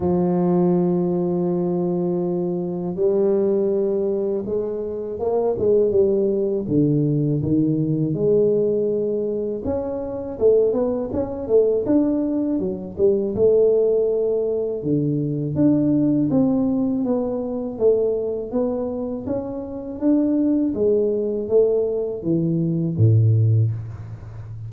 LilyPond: \new Staff \with { instrumentName = "tuba" } { \time 4/4 \tempo 4 = 81 f1 | g2 gis4 ais8 gis8 | g4 d4 dis4 gis4~ | gis4 cis'4 a8 b8 cis'8 a8 |
d'4 fis8 g8 a2 | d4 d'4 c'4 b4 | a4 b4 cis'4 d'4 | gis4 a4 e4 a,4 | }